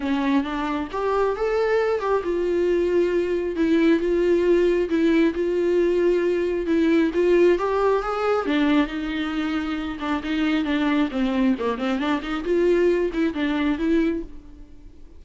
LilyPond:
\new Staff \with { instrumentName = "viola" } { \time 4/4 \tempo 4 = 135 cis'4 d'4 g'4 a'4~ | a'8 g'8 f'2. | e'4 f'2 e'4 | f'2. e'4 |
f'4 g'4 gis'4 d'4 | dis'2~ dis'8 d'8 dis'4 | d'4 c'4 ais8 c'8 d'8 dis'8 | f'4. e'8 d'4 e'4 | }